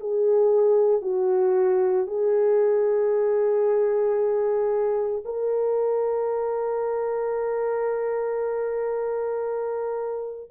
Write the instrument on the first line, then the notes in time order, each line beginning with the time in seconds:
horn
0.00 G#4
1.01 F#4
2.07 G#4
5.25 A#4